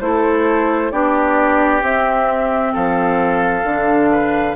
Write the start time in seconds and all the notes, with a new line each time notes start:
0.00 A3 E4 A4 C5
0.91 B3 D4 G4 D5
1.80 C4 E5
2.73 F3 A4 F5
3.63 D3 D4
4.12 B4